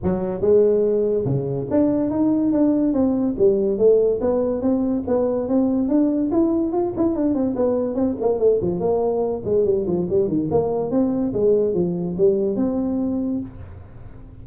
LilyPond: \new Staff \with { instrumentName = "tuba" } { \time 4/4 \tempo 4 = 143 fis4 gis2 cis4 | d'4 dis'4 d'4 c'4 | g4 a4 b4 c'4 | b4 c'4 d'4 e'4 |
f'8 e'8 d'8 c'8 b4 c'8 ais8 | a8 f8 ais4. gis8 g8 f8 | g8 dis8 ais4 c'4 gis4 | f4 g4 c'2 | }